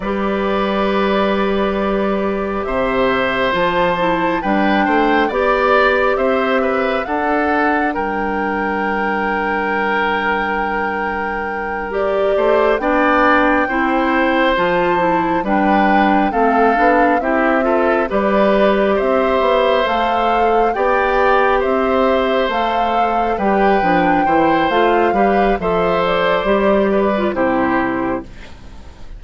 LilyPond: <<
  \new Staff \with { instrumentName = "flute" } { \time 4/4 \tempo 4 = 68 d''2. e''4 | a''4 g''4 d''4 e''4 | fis''4 g''2.~ | g''4. d''4 g''4.~ |
g''8 a''4 g''4 f''4 e''8~ | e''8 d''4 e''4 f''4 g''8~ | g''8 e''4 f''4 g''4. | f''4 e''8 d''4. c''4 | }
  \new Staff \with { instrumentName = "oboe" } { \time 4/4 b'2. c''4~ | c''4 b'8 c''8 d''4 c''8 b'8 | a'4 ais'2.~ | ais'2 c''8 d''4 c''8~ |
c''4. b'4 a'4 g'8 | a'8 b'4 c''2 d''8~ | d''8 c''2 b'4 c''8~ | c''8 b'8 c''4. b'8 g'4 | }
  \new Staff \with { instrumentName = "clarinet" } { \time 4/4 g'1 | f'8 e'8 d'4 g'2 | d'1~ | d'4. g'4 d'4 e'8~ |
e'8 f'8 e'8 d'4 c'8 d'8 e'8 | f'8 g'2 a'4 g'8~ | g'4. a'4 g'8 d'8 e'8 | f'8 g'8 a'4 g'8. f'16 e'4 | }
  \new Staff \with { instrumentName = "bassoon" } { \time 4/4 g2. c4 | f4 g8 a8 b4 c'4 | d'4 g2.~ | g2 a8 b4 c'8~ |
c'8 f4 g4 a8 b8 c'8~ | c'8 g4 c'8 b8 a4 b8~ | b8 c'4 a4 g8 f8 e8 | a8 g8 f4 g4 c4 | }
>>